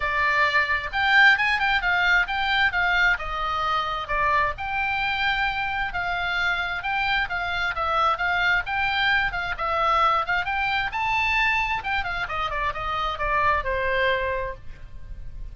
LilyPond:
\new Staff \with { instrumentName = "oboe" } { \time 4/4 \tempo 4 = 132 d''2 g''4 gis''8 g''8 | f''4 g''4 f''4 dis''4~ | dis''4 d''4 g''2~ | g''4 f''2 g''4 |
f''4 e''4 f''4 g''4~ | g''8 f''8 e''4. f''8 g''4 | a''2 g''8 f''8 dis''8 d''8 | dis''4 d''4 c''2 | }